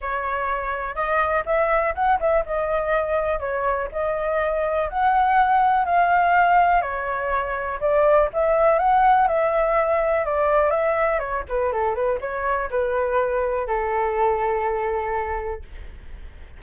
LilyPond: \new Staff \with { instrumentName = "flute" } { \time 4/4 \tempo 4 = 123 cis''2 dis''4 e''4 | fis''8 e''8 dis''2 cis''4 | dis''2 fis''2 | f''2 cis''2 |
d''4 e''4 fis''4 e''4~ | e''4 d''4 e''4 cis''8 b'8 | a'8 b'8 cis''4 b'2 | a'1 | }